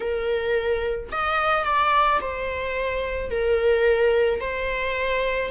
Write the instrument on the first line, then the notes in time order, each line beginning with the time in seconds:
viola
0.00 A#4
1.11 D#5
1.64 D5
2.20 C5
3.30 A#4
4.40 C5